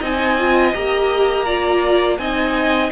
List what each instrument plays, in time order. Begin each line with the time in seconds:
0.00 cello C4, viola D#4, violin D#5 G#5
0.39 viola F4
0.74 cello A#3, viola G4, violin A#5
1.46 viola F4, violin D5
2.18 cello C4, viola D#4, violin D#5 G#5